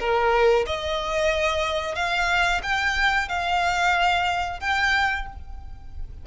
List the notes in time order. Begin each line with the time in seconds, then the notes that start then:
0.00 A#4
0.67 D#5
1.95 F5
2.63 G5
3.28 F5
4.60 G5